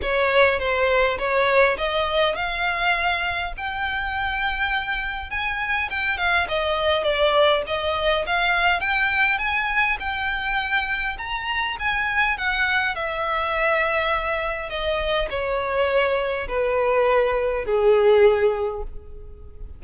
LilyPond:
\new Staff \with { instrumentName = "violin" } { \time 4/4 \tempo 4 = 102 cis''4 c''4 cis''4 dis''4 | f''2 g''2~ | g''4 gis''4 g''8 f''8 dis''4 | d''4 dis''4 f''4 g''4 |
gis''4 g''2 ais''4 | gis''4 fis''4 e''2~ | e''4 dis''4 cis''2 | b'2 gis'2 | }